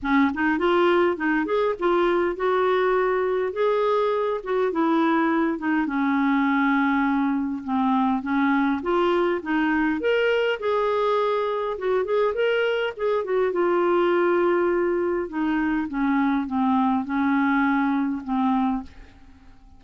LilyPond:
\new Staff \with { instrumentName = "clarinet" } { \time 4/4 \tempo 4 = 102 cis'8 dis'8 f'4 dis'8 gis'8 f'4 | fis'2 gis'4. fis'8 | e'4. dis'8 cis'2~ | cis'4 c'4 cis'4 f'4 |
dis'4 ais'4 gis'2 | fis'8 gis'8 ais'4 gis'8 fis'8 f'4~ | f'2 dis'4 cis'4 | c'4 cis'2 c'4 | }